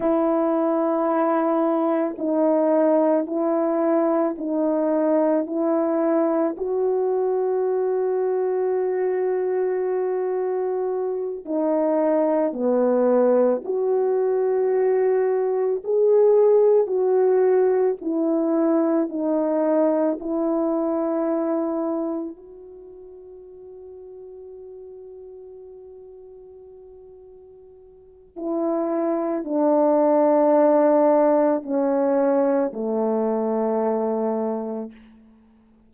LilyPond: \new Staff \with { instrumentName = "horn" } { \time 4/4 \tempo 4 = 55 e'2 dis'4 e'4 | dis'4 e'4 fis'2~ | fis'2~ fis'8 dis'4 b8~ | b8 fis'2 gis'4 fis'8~ |
fis'8 e'4 dis'4 e'4.~ | e'8 fis'2.~ fis'8~ | fis'2 e'4 d'4~ | d'4 cis'4 a2 | }